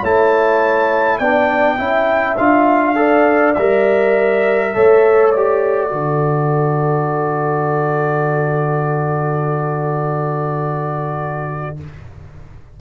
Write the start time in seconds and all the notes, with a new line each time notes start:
0.00 A3 E4 C#5 A5
1.18 B3 D4 D5 G5
1.77 C#4 E4 E5
2.37 D4 F4 F5
2.95 A4 D5
3.54 G3 A#4 E5
4.74 A3 A4 C#5
5.31 G4 D5
5.89 D3 F#4 A4